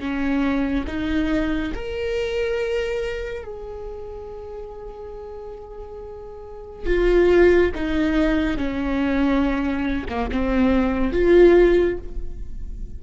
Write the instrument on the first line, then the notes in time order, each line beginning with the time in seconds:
viola
0.00 C#4
0.87 D#4
1.75 A#4
3.45 G#4
6.86 F4
7.75 D#4
8.58 C#4
10.09 A#3
10.31 C4
11.13 F4